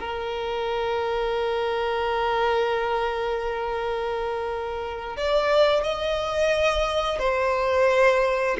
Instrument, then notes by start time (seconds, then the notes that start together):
violin
0.00 A#4
5.17 D5
5.84 D#5
7.19 C5